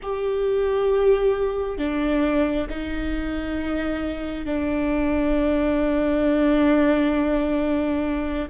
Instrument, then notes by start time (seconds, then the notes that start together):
viola
0.02 G4
1.77 D4
2.69 D#4
4.45 D4